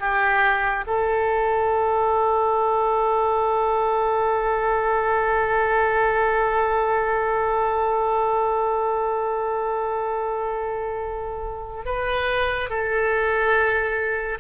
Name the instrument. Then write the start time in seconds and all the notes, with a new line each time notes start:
oboe
0.00 G4
0.87 A4
11.85 B4
12.70 A4